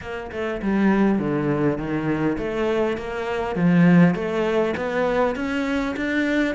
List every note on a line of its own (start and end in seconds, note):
0.01 0.30 A#3
0.31 0.61 A3
0.62 1.18 G3
1.18 1.77 D3
1.77 2.37 D#3
2.38 2.97 A3
2.97 3.55 A#3
3.55 4.14 F3
4.14 4.74 A3
4.76 5.35 B3
5.35 5.95 C#4
5.96 6.55 D4